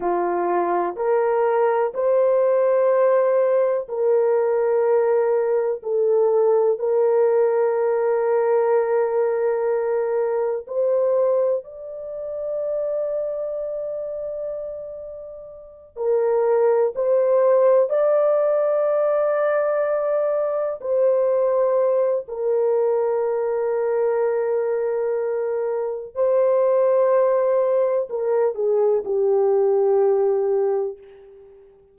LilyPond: \new Staff \with { instrumentName = "horn" } { \time 4/4 \tempo 4 = 62 f'4 ais'4 c''2 | ais'2 a'4 ais'4~ | ais'2. c''4 | d''1~ |
d''8 ais'4 c''4 d''4.~ | d''4. c''4. ais'4~ | ais'2. c''4~ | c''4 ais'8 gis'8 g'2 | }